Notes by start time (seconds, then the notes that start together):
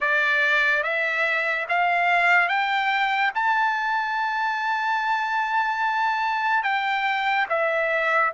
0.00 D5
0.83 E5
1.68 F5
2.48 G5
3.34 A5
6.62 G5
7.49 E5